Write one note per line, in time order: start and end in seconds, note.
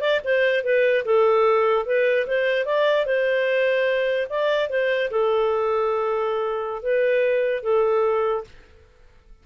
0.00 0.20 D5
0.24 0.64 C5
0.64 1.04 B4
1.04 1.86 A4
1.86 2.26 B4
2.27 2.65 C5
2.65 3.05 D5
3.05 4.27 C5
4.29 4.69 D5
4.69 5.10 C5
5.10 6.82 A4
6.82 7.63 B4
7.63 8.44 A4